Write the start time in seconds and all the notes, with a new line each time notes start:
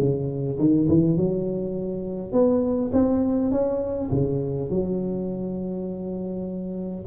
0.00 C#3
0.59 D#3
0.89 E3
1.17 F#3
2.33 B3
2.93 C4
3.52 C#4
4.11 C#3
4.70 F#3